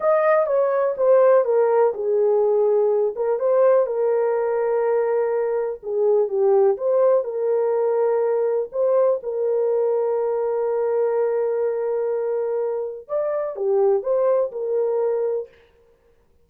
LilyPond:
\new Staff \with { instrumentName = "horn" } { \time 4/4 \tempo 4 = 124 dis''4 cis''4 c''4 ais'4 | gis'2~ gis'8 ais'8 c''4 | ais'1 | gis'4 g'4 c''4 ais'4~ |
ais'2 c''4 ais'4~ | ais'1~ | ais'2. d''4 | g'4 c''4 ais'2 | }